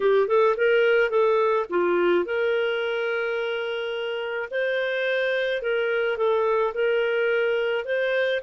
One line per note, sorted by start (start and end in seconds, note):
0.00 0.27 G4
0.27 0.55 A4
0.56 1.10 A#4
1.10 1.66 A4
1.69 2.25 F4
2.25 4.49 A#4
4.50 5.62 C5
5.62 6.17 A#4
6.17 6.73 A4
6.74 7.85 A#4
7.85 8.41 C5